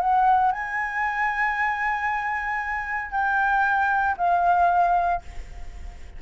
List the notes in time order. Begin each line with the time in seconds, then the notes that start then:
0.00 F#5
0.52 G#5
3.12 G5
4.17 F5